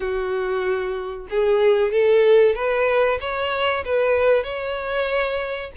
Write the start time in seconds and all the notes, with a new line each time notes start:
0.00 F#4
1.30 G#4
1.91 A4
2.55 B4
3.20 C#5
3.85 B4
4.43 C#5